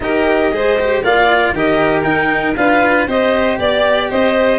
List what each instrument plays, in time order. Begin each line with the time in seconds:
0.00 tuba D#4, cello G4, violin A#4, clarinet D#5
0.51 tuba G#3, cello G#4, violin C5
0.79 cello G4
1.02 tuba A#3, cello F4, violin D5, clarinet F5
1.53 tuba D#3, cello G4, violin A#4, clarinet D#5
2.02 tuba D#4, cello D#4, clarinet G5
2.56 tuba D4, cello F4, violin B4, clarinet F5
3.07 tuba C4, cello G4, violin C5, clarinet D#5
3.59 tuba B3, violin D5, clarinet D5
4.10 tuba C4, violin C5, clarinet D#5